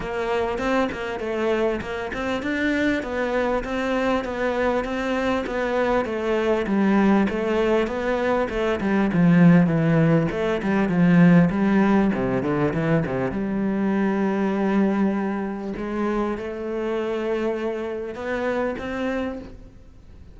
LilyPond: \new Staff \with { instrumentName = "cello" } { \time 4/4 \tempo 4 = 99 ais4 c'8 ais8 a4 ais8 c'8 | d'4 b4 c'4 b4 | c'4 b4 a4 g4 | a4 b4 a8 g8 f4 |
e4 a8 g8 f4 g4 | c8 d8 e8 c8 g2~ | g2 gis4 a4~ | a2 b4 c'4 | }